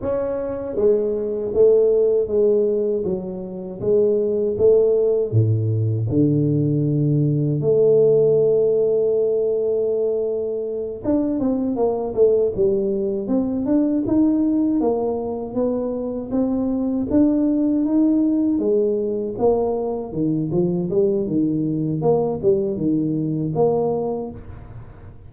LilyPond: \new Staff \with { instrumentName = "tuba" } { \time 4/4 \tempo 4 = 79 cis'4 gis4 a4 gis4 | fis4 gis4 a4 a,4 | d2 a2~ | a2~ a8 d'8 c'8 ais8 |
a8 g4 c'8 d'8 dis'4 ais8~ | ais8 b4 c'4 d'4 dis'8~ | dis'8 gis4 ais4 dis8 f8 g8 | dis4 ais8 g8 dis4 ais4 | }